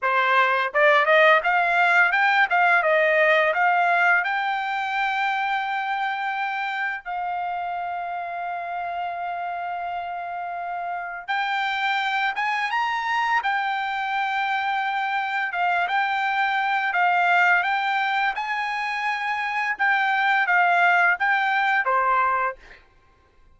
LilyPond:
\new Staff \with { instrumentName = "trumpet" } { \time 4/4 \tempo 4 = 85 c''4 d''8 dis''8 f''4 g''8 f''8 | dis''4 f''4 g''2~ | g''2 f''2~ | f''1 |
g''4. gis''8 ais''4 g''4~ | g''2 f''8 g''4. | f''4 g''4 gis''2 | g''4 f''4 g''4 c''4 | }